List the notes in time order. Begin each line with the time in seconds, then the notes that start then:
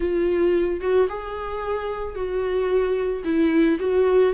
0.00 F4
0.80 F#4
1.08 G#4
2.15 F#4
3.24 E4
3.79 F#4